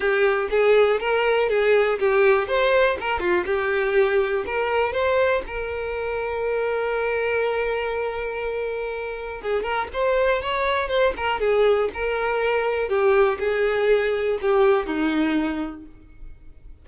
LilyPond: \new Staff \with { instrumentName = "violin" } { \time 4/4 \tempo 4 = 121 g'4 gis'4 ais'4 gis'4 | g'4 c''4 ais'8 f'8 g'4~ | g'4 ais'4 c''4 ais'4~ | ais'1~ |
ais'2. gis'8 ais'8 | c''4 cis''4 c''8 ais'8 gis'4 | ais'2 g'4 gis'4~ | gis'4 g'4 dis'2 | }